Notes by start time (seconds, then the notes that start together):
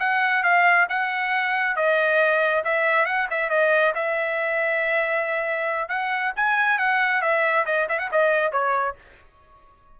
0.00 F#5
0.43 F5
0.90 F#5
1.76 D#5
2.64 E5
3.06 F#5
3.30 E5
3.50 D#5
3.95 E5
5.89 F#5
6.36 G#5
6.79 F#5
7.22 E5
7.66 D#5
7.89 E5
7.99 F#5
8.12 D#5
8.52 C#5